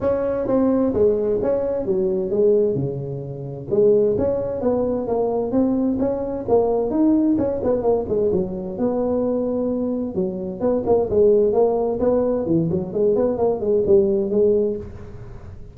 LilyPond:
\new Staff \with { instrumentName = "tuba" } { \time 4/4 \tempo 4 = 130 cis'4 c'4 gis4 cis'4 | fis4 gis4 cis2 | gis4 cis'4 b4 ais4 | c'4 cis'4 ais4 dis'4 |
cis'8 b8 ais8 gis8 fis4 b4~ | b2 fis4 b8 ais8 | gis4 ais4 b4 e8 fis8 | gis8 b8 ais8 gis8 g4 gis4 | }